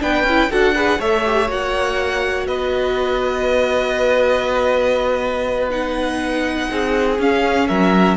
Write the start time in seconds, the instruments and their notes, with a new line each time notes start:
0.00 cello B3, viola D4, violin B4 G5
0.23 cello C#4
0.29 viola E4
0.50 cello D4, viola F#4, violin A4 F#5
0.75 viola G#4, violin B4
0.99 cello A3, viola A4, violin C#5 E5
1.25 viola G4
1.49 cello A#3, viola F#4, violin F#5
2.47 cello B3, violin B4 D#5
5.70 viola D#4, violin F#5
6.71 cello C4, violin G#4
7.19 cello C#4, viola C#4, violin F5
7.68 cello F#3, violin A#4 E5